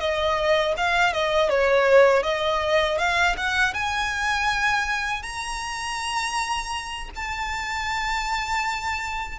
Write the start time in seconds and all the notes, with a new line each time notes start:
0.00 D#5
0.77 F5
1.13 D#5
1.50 C#5
2.23 D#5
2.98 F5
3.37 F#5
3.74 G#5
5.23 A#5
7.15 A5